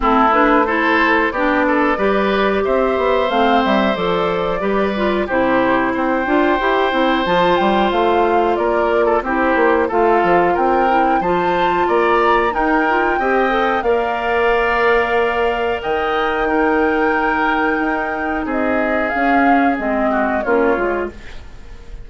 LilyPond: <<
  \new Staff \with { instrumentName = "flute" } { \time 4/4 \tempo 4 = 91 a'8 b'8 c''4 d''2 | e''4 f''8 e''8 d''2 | c''4 g''2 a''8 g''8 | f''4 d''4 c''4 f''4 |
g''4 a''4 ais''4 g''4~ | g''4 f''2. | g''1 | dis''4 f''4 dis''4 cis''4 | }
  \new Staff \with { instrumentName = "oboe" } { \time 4/4 e'4 a'4 g'8 a'8 b'4 | c''2. b'4 | g'4 c''2.~ | c''4 ais'8. a'16 g'4 a'4 |
ais'4 c''4 d''4 ais'4 | dis''4 d''2. | dis''4 ais'2. | gis'2~ gis'8 fis'8 f'4 | }
  \new Staff \with { instrumentName = "clarinet" } { \time 4/4 c'8 d'8 e'4 d'4 g'4~ | g'4 c'4 a'4 g'8 f'8 | e'4. f'8 g'8 e'8 f'4~ | f'2 e'4 f'4~ |
f'8 e'8 f'2 dis'8 f'8 | g'8 a'8 ais'2.~ | ais'4 dis'2.~ | dis'4 cis'4 c'4 cis'8 f'8 | }
  \new Staff \with { instrumentName = "bassoon" } { \time 4/4 a2 b4 g4 | c'8 b8 a8 g8 f4 g4 | c4 c'8 d'8 e'8 c'8 f8 g8 | a4 ais4 c'8 ais8 a8 f8 |
c'4 f4 ais4 dis'4 | c'4 ais2. | dis2. dis'4 | c'4 cis'4 gis4 ais8 gis8 | }
>>